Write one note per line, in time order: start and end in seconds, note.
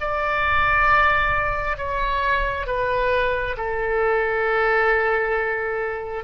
0.00 1.77 D5
1.77 2.67 C#5
2.67 3.56 B4
3.57 6.24 A4